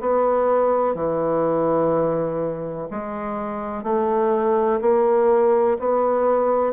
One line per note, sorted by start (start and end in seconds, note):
0.00 0.95 B3
0.95 2.89 E3
2.91 3.84 G#3
3.84 4.80 A3
4.81 5.78 A#3
5.79 6.73 B3